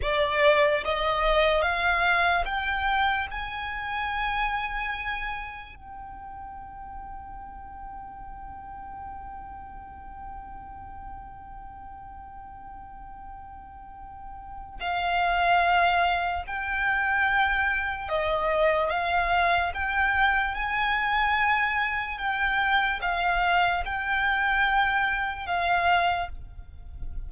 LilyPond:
\new Staff \with { instrumentName = "violin" } { \time 4/4 \tempo 4 = 73 d''4 dis''4 f''4 g''4 | gis''2. g''4~ | g''1~ | g''1~ |
g''2 f''2 | g''2 dis''4 f''4 | g''4 gis''2 g''4 | f''4 g''2 f''4 | }